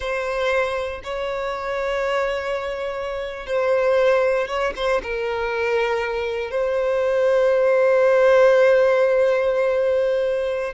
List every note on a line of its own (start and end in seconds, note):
0.00 1.01 C5
1.03 3.46 C#5
3.46 4.47 C5
4.47 4.73 C#5
4.76 5.01 C5
5.03 6.50 A#4
6.50 10.73 C5